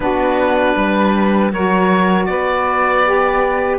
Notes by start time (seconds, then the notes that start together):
0.00 B3 D4 F#4 B4
0.76 G3 B4
1.51 F#3 F#4 A#4 C#5
2.25 B3 B4 D5
3.05 G4